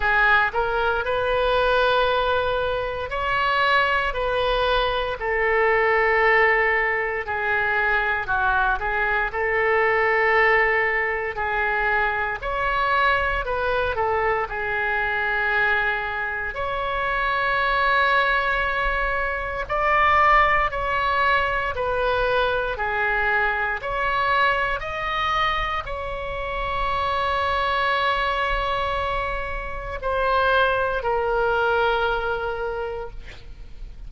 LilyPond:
\new Staff \with { instrumentName = "oboe" } { \time 4/4 \tempo 4 = 58 gis'8 ais'8 b'2 cis''4 | b'4 a'2 gis'4 | fis'8 gis'8 a'2 gis'4 | cis''4 b'8 a'8 gis'2 |
cis''2. d''4 | cis''4 b'4 gis'4 cis''4 | dis''4 cis''2.~ | cis''4 c''4 ais'2 | }